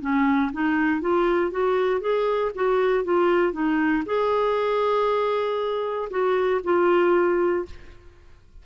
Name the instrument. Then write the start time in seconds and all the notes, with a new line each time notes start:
clarinet
0.00 C#4
0.52 D#4
1.01 F4
1.51 F#4
2.00 G#4
2.55 F#4
3.04 F4
3.52 D#4
4.05 G#4
6.10 F#4
6.63 F4